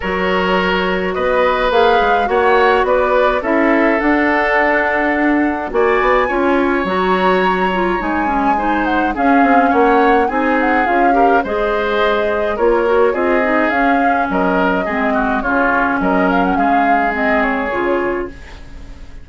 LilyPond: <<
  \new Staff \with { instrumentName = "flute" } { \time 4/4 \tempo 4 = 105 cis''2 dis''4 f''4 | fis''4 d''4 e''4 fis''4~ | fis''2 gis''2 | ais''2 gis''4. fis''8 |
f''4 fis''4 gis''8 fis''8 f''4 | dis''2 cis''4 dis''4 | f''4 dis''2 cis''4 | dis''8 f''16 fis''16 f''4 dis''8 cis''4. | }
  \new Staff \with { instrumentName = "oboe" } { \time 4/4 ais'2 b'2 | cis''4 b'4 a'2~ | a'2 d''4 cis''4~ | cis''2. c''4 |
gis'4 cis''4 gis'4. ais'8 | c''2 ais'4 gis'4~ | gis'4 ais'4 gis'8 fis'8 f'4 | ais'4 gis'2. | }
  \new Staff \with { instrumentName = "clarinet" } { \time 4/4 fis'2. gis'4 | fis'2 e'4 d'4~ | d'2 fis'4 f'4 | fis'4. f'8 dis'8 cis'8 dis'4 |
cis'2 dis'4 f'8 g'8 | gis'2 f'8 fis'8 f'8 dis'8 | cis'2 c'4 cis'4~ | cis'2 c'4 f'4 | }
  \new Staff \with { instrumentName = "bassoon" } { \time 4/4 fis2 b4 ais8 gis8 | ais4 b4 cis'4 d'4~ | d'2 ais8 b8 cis'4 | fis2 gis2 |
cis'8 c'8 ais4 c'4 cis'4 | gis2 ais4 c'4 | cis'4 fis4 gis4 cis4 | fis4 gis2 cis4 | }
>>